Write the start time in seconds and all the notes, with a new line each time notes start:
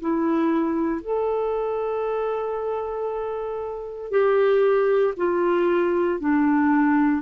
0.00 E4
1.01 A4
4.11 G4
5.16 F4
6.19 D4